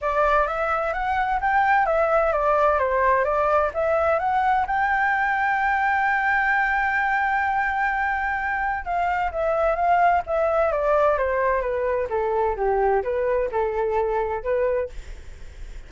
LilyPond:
\new Staff \with { instrumentName = "flute" } { \time 4/4 \tempo 4 = 129 d''4 e''4 fis''4 g''4 | e''4 d''4 c''4 d''4 | e''4 fis''4 g''2~ | g''1~ |
g''2. f''4 | e''4 f''4 e''4 d''4 | c''4 b'4 a'4 g'4 | b'4 a'2 b'4 | }